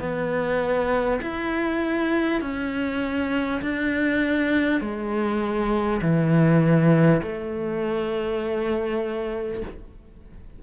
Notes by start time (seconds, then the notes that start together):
0.00 B3
1.21 E4
2.41 C#4
3.62 D4
4.81 G#3
6.01 E3
7.22 A3